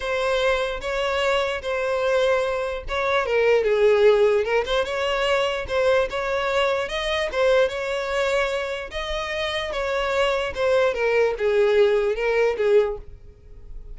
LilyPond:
\new Staff \with { instrumentName = "violin" } { \time 4/4 \tempo 4 = 148 c''2 cis''2 | c''2. cis''4 | ais'4 gis'2 ais'8 c''8 | cis''2 c''4 cis''4~ |
cis''4 dis''4 c''4 cis''4~ | cis''2 dis''2 | cis''2 c''4 ais'4 | gis'2 ais'4 gis'4 | }